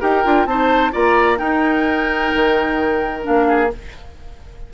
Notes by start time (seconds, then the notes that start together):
0.00 D#4 G4 A#4 G5
0.24 D4 F4
0.45 C4 D#4 C5 A5
0.91 A#3 F4 D5 A#5
1.37 D#4 A#4 G5
2.34 D#3
3.22 A#3 D4 F5
3.48 G#4